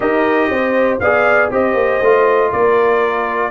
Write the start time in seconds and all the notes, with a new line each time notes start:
0.00 D#4 G4 A#4 D#5
0.49 C4 C5
0.99 B3 G#4 D5 F5
1.50 C4 G4 C5 D#5
1.74 A#3
2.01 A3 F4
2.50 A#3 A#4 D5